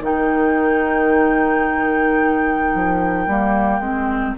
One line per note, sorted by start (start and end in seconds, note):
0.00 2.73 D#3
0.00 3.27 D#4
0.00 4.38 A#4
0.00 4.38 G5
2.74 3.27 F3
3.27 3.79 G3
3.27 3.82 A#3
3.79 4.34 G#3
3.79 4.37 C4